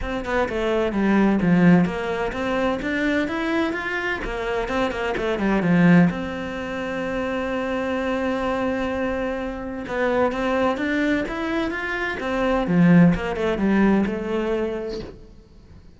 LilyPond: \new Staff \with { instrumentName = "cello" } { \time 4/4 \tempo 4 = 128 c'8 b8 a4 g4 f4 | ais4 c'4 d'4 e'4 | f'4 ais4 c'8 ais8 a8 g8 | f4 c'2.~ |
c'1~ | c'4 b4 c'4 d'4 | e'4 f'4 c'4 f4 | ais8 a8 g4 a2 | }